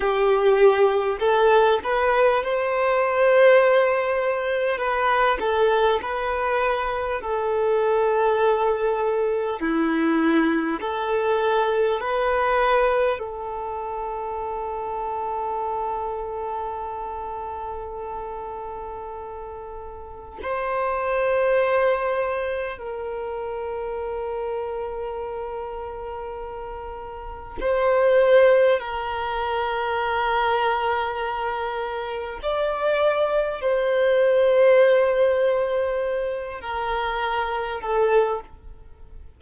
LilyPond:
\new Staff \with { instrumentName = "violin" } { \time 4/4 \tempo 4 = 50 g'4 a'8 b'8 c''2 | b'8 a'8 b'4 a'2 | e'4 a'4 b'4 a'4~ | a'1~ |
a'4 c''2 ais'4~ | ais'2. c''4 | ais'2. d''4 | c''2~ c''8 ais'4 a'8 | }